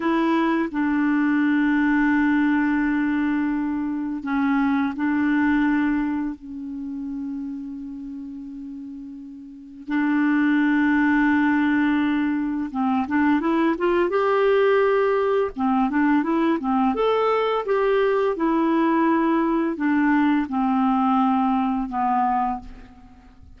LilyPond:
\new Staff \with { instrumentName = "clarinet" } { \time 4/4 \tempo 4 = 85 e'4 d'2.~ | d'2 cis'4 d'4~ | d'4 cis'2.~ | cis'2 d'2~ |
d'2 c'8 d'8 e'8 f'8 | g'2 c'8 d'8 e'8 c'8 | a'4 g'4 e'2 | d'4 c'2 b4 | }